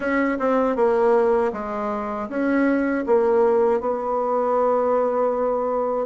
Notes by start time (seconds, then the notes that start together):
0.00 C#4
0.39 C4
0.76 A#3
1.53 G#3
2.29 C#4
3.06 A#3
3.80 B3